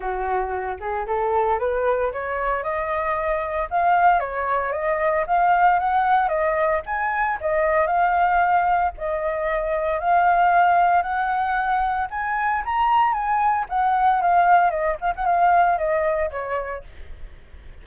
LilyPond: \new Staff \with { instrumentName = "flute" } { \time 4/4 \tempo 4 = 114 fis'4. gis'8 a'4 b'4 | cis''4 dis''2 f''4 | cis''4 dis''4 f''4 fis''4 | dis''4 gis''4 dis''4 f''4~ |
f''4 dis''2 f''4~ | f''4 fis''2 gis''4 | ais''4 gis''4 fis''4 f''4 | dis''8 f''16 fis''16 f''4 dis''4 cis''4 | }